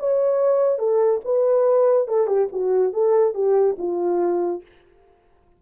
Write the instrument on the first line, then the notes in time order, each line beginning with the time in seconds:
horn
0.00 C#5
0.79 A4
1.25 B4
2.08 A4
2.28 G4
2.53 F#4
2.94 A4
3.35 G4
3.79 F4